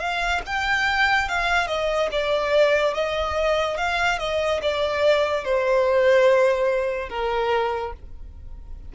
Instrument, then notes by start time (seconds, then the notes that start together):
violin
0.00 F5
0.47 G5
1.29 F5
1.68 D#5
2.12 D5
2.94 D#5
3.78 F5
4.19 D#5
4.62 D5
5.45 C5
7.10 A#4